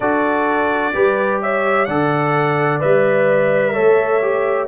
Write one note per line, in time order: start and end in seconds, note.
0.00 0.93 D4
0.00 0.93 F#4
0.00 0.94 A4
0.00 1.41 D5
0.93 1.87 G3
0.93 1.87 G4
0.93 1.41 B4
1.42 1.87 C#5
1.42 1.85 E5
1.85 2.81 D3
1.85 2.80 A4
1.85 3.73 D5
1.85 2.79 F#5
2.80 3.77 G3
2.80 3.73 B4
2.80 4.68 E5
3.73 4.68 A3
3.73 4.20 A4
3.73 4.67 C#5
4.21 4.68 G4